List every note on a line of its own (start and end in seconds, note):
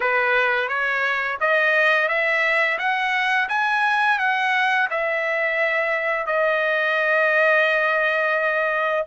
0.00 0.68 B4
0.68 1.38 C#5
1.40 2.08 D#5
2.08 2.78 E5
2.78 3.48 F#5
3.49 4.18 G#5
4.18 4.88 F#5
4.90 6.26 E5
6.26 9.05 D#5